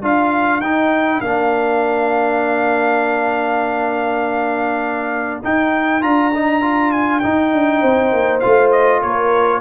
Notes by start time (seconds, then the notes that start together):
0.00 D4 F4 A#4 F5
0.60 D#4 G5
1.21 A#3 D4 F5
5.43 D#4 G5
6.01 D4 F4 A#5
6.34 D#4
6.62 F4
6.91 G#5
7.19 D#4 G5
7.53 D4
7.81 C4 C5
8.12 A#3
8.40 A3 F4 F5
8.71 D#5
9.02 A#3 A#4 C#5